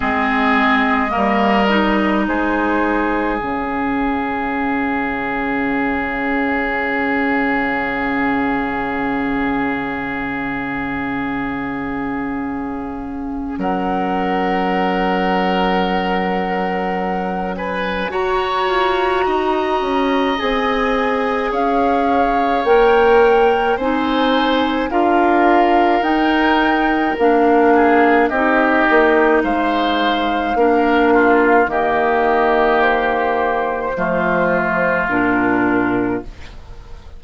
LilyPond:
<<
  \new Staff \with { instrumentName = "flute" } { \time 4/4 \tempo 4 = 53 dis''2 c''4 f''4~ | f''1~ | f''1 | fis''2.~ fis''8 gis''8 |
ais''2 gis''4 f''4 | g''4 gis''4 f''4 g''4 | f''4 dis''4 f''2 | dis''4 c''2 ais'4 | }
  \new Staff \with { instrumentName = "oboe" } { \time 4/4 gis'4 ais'4 gis'2~ | gis'1~ | gis'1 | ais'2.~ ais'8 b'8 |
cis''4 dis''2 cis''4~ | cis''4 c''4 ais'2~ | ais'8 gis'8 g'4 c''4 ais'8 f'8 | g'2 f'2 | }
  \new Staff \with { instrumentName = "clarinet" } { \time 4/4 c'4 ais8 dis'4. cis'4~ | cis'1~ | cis'1~ | cis'1 |
fis'2 gis'2 | ais'4 dis'4 f'4 dis'4 | d'4 dis'2 d'4 | ais2 a4 d'4 | }
  \new Staff \with { instrumentName = "bassoon" } { \time 4/4 gis4 g4 gis4 cis4~ | cis1~ | cis1 | fis1 |
fis'8 f'8 dis'8 cis'8 c'4 cis'4 | ais4 c'4 d'4 dis'4 | ais4 c'8 ais8 gis4 ais4 | dis2 f4 ais,4 | }
>>